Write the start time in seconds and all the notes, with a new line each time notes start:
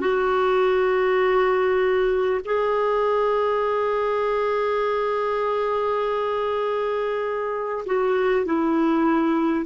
0.00 F#4
2.45 G#4
7.85 F#4
8.45 E4